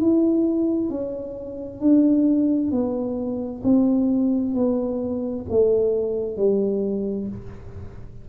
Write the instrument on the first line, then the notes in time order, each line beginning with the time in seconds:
tuba
0.00 E4
0.89 C#4
1.80 D4
2.71 B3
3.63 C4
4.55 B3
5.49 A3
6.36 G3